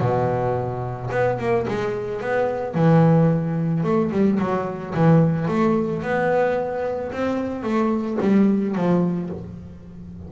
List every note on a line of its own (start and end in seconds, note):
0.00 1.09 B2
1.11 1.38 B3
1.39 1.66 A#3
1.68 2.21 G#3
2.21 2.74 B3
2.74 3.83 E3
3.83 4.11 A3
4.11 4.38 G3
4.39 4.93 F#3
4.94 5.48 E3
5.48 6.02 A3
6.02 7.11 B3
7.12 7.63 C4
7.63 8.17 A3
8.20 8.75 G3
8.75 9.29 F3